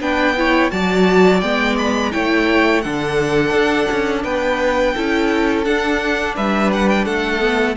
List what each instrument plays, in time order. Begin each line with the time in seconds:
0.00 cello B3, viola D4, violin B4 G5
0.37 viola E4, violin C#5
0.70 cello F#3, viola F#4, violin D5 A5
1.40 cello G#3, viola B3, violin G5
1.78 violin B5
2.11 cello A3, viola E4, violin C#5 G5
2.81 cello D3, viola D4, violin A4 F#5
3.50 cello D4
3.91 cello C#4
4.23 cello B3, violin B4 G5
4.94 cello C#4, viola E4, violin A4
5.64 viola D4, cello D4, violin F#5
6.36 cello G3, violin B4 E5
6.72 violin F#5
6.88 violin G5
7.05 cello A3, violin A4 F#5
7.40 viola B3